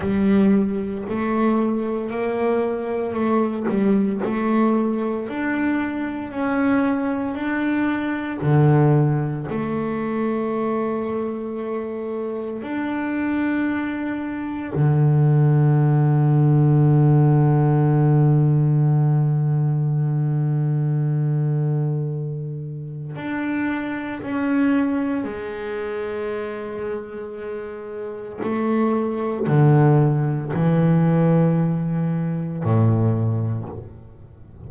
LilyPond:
\new Staff \with { instrumentName = "double bass" } { \time 4/4 \tempo 4 = 57 g4 a4 ais4 a8 g8 | a4 d'4 cis'4 d'4 | d4 a2. | d'2 d2~ |
d1~ | d2 d'4 cis'4 | gis2. a4 | d4 e2 a,4 | }